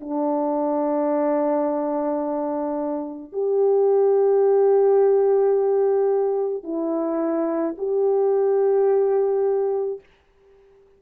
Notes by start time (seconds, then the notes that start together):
0.00 D4
3.33 G4
6.63 E4
7.78 G4